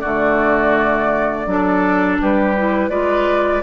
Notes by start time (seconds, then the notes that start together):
0.00 D3 A3 F#4 D5
1.47 F#3 D4 A4
2.22 G3 G4 B4
2.57 E4
2.90 G#3 F4 B4 D5